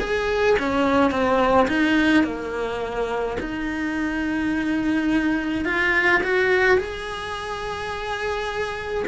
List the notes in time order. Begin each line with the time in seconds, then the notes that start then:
0.00 G#4
0.59 C#4
1.11 C4
1.68 D#4
2.24 A#3
3.40 D#4
5.65 F4
6.23 F#4
6.78 G#4